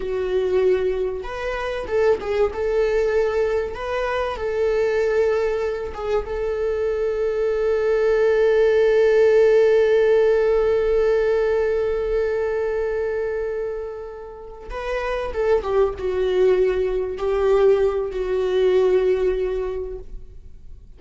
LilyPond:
\new Staff \with { instrumentName = "viola" } { \time 4/4 \tempo 4 = 96 fis'2 b'4 a'8 gis'8 | a'2 b'4 a'4~ | a'4. gis'8 a'2~ | a'1~ |
a'1~ | a'2.~ a'8 b'8~ | b'8 a'8 g'8 fis'2 g'8~ | g'4 fis'2. | }